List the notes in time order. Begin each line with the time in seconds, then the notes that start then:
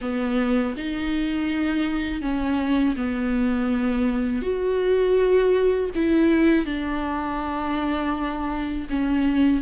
0.01 B3
0.76 D#4
2.21 C#4
2.96 B3
4.41 F#4
5.95 E4
6.65 D4
8.89 C#4